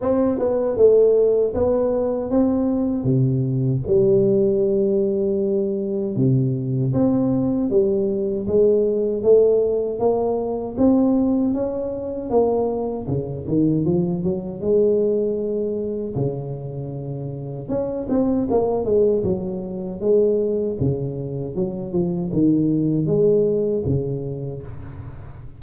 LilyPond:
\new Staff \with { instrumentName = "tuba" } { \time 4/4 \tempo 4 = 78 c'8 b8 a4 b4 c'4 | c4 g2. | c4 c'4 g4 gis4 | a4 ais4 c'4 cis'4 |
ais4 cis8 dis8 f8 fis8 gis4~ | gis4 cis2 cis'8 c'8 | ais8 gis8 fis4 gis4 cis4 | fis8 f8 dis4 gis4 cis4 | }